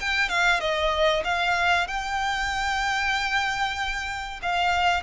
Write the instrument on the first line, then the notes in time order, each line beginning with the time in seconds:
violin
0.00 G5
0.29 F5
0.60 D#5
1.24 F5
1.87 G5
4.42 F5